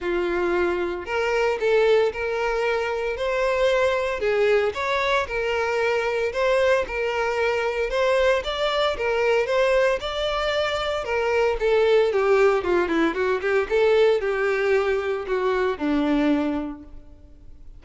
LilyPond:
\new Staff \with { instrumentName = "violin" } { \time 4/4 \tempo 4 = 114 f'2 ais'4 a'4 | ais'2 c''2 | gis'4 cis''4 ais'2 | c''4 ais'2 c''4 |
d''4 ais'4 c''4 d''4~ | d''4 ais'4 a'4 g'4 | f'8 e'8 fis'8 g'8 a'4 g'4~ | g'4 fis'4 d'2 | }